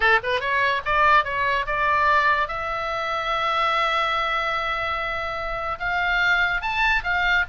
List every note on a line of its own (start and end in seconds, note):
0.00 0.19 A4
0.23 0.40 B4
0.40 0.81 C#5
0.85 1.24 D5
1.24 1.66 C#5
1.66 2.47 D5
2.47 5.78 E5
5.79 6.61 F5
6.61 7.03 A5
7.03 7.45 F5